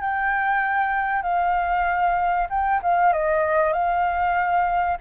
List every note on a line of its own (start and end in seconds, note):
0.00 1.22 G5
1.22 2.47 F5
2.49 2.80 G5
2.82 3.12 F5
3.12 3.72 D#5
3.72 4.97 F5